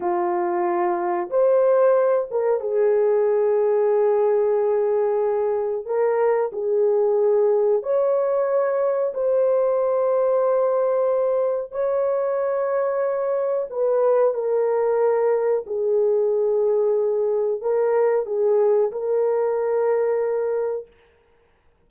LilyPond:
\new Staff \with { instrumentName = "horn" } { \time 4/4 \tempo 4 = 92 f'2 c''4. ais'8 | gis'1~ | gis'4 ais'4 gis'2 | cis''2 c''2~ |
c''2 cis''2~ | cis''4 b'4 ais'2 | gis'2. ais'4 | gis'4 ais'2. | }